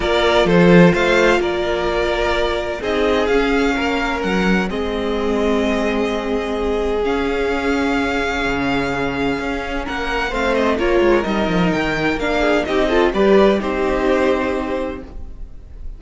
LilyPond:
<<
  \new Staff \with { instrumentName = "violin" } { \time 4/4 \tempo 4 = 128 d''4 c''4 f''4 d''4~ | d''2 dis''4 f''4~ | f''4 fis''4 dis''2~ | dis''2. f''4~ |
f''1~ | f''4 fis''4 f''8 dis''8 cis''4 | dis''4 g''4 f''4 dis''4 | d''4 c''2. | }
  \new Staff \with { instrumentName = "violin" } { \time 4/4 ais'4 a'4 c''4 ais'4~ | ais'2 gis'2 | ais'2 gis'2~ | gis'1~ |
gis'1~ | gis'4 ais'4 c''4 ais'4~ | ais'2~ ais'8 gis'8 g'8 a'8 | b'4 g'2. | }
  \new Staff \with { instrumentName = "viola" } { \time 4/4 f'1~ | f'2 dis'4 cis'4~ | cis'2 c'2~ | c'2. cis'4~ |
cis'1~ | cis'2 c'4 f'4 | dis'2 d'4 dis'8 f'8 | g'4 dis'2. | }
  \new Staff \with { instrumentName = "cello" } { \time 4/4 ais4 f4 a4 ais4~ | ais2 c'4 cis'4 | ais4 fis4 gis2~ | gis2. cis'4~ |
cis'2 cis2 | cis'4 ais4 a4 ais8 gis8 | g8 f8 dis4 ais4 c'4 | g4 c'2. | }
>>